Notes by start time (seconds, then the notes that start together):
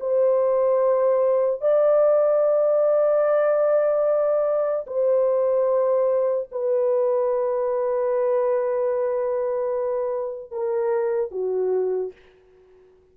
0.00 C5
1.61 D5
4.86 C5
6.51 B4
10.51 A#4
11.31 F#4